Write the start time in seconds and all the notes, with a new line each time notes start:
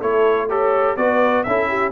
0.00 A3 E4 A4 C#5
0.48 G4 A4 C#5
0.96 B3 F#4 B4 D5
1.43 C#4 E4 A4 E5
1.68 G4